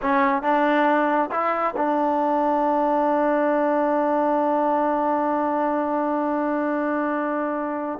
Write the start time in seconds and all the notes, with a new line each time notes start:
0.02 C#4
0.42 D4
1.31 E4
1.76 D4